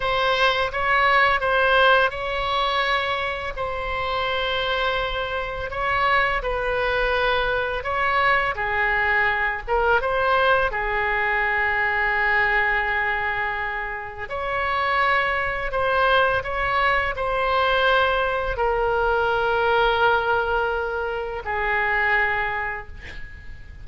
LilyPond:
\new Staff \with { instrumentName = "oboe" } { \time 4/4 \tempo 4 = 84 c''4 cis''4 c''4 cis''4~ | cis''4 c''2. | cis''4 b'2 cis''4 | gis'4. ais'8 c''4 gis'4~ |
gis'1 | cis''2 c''4 cis''4 | c''2 ais'2~ | ais'2 gis'2 | }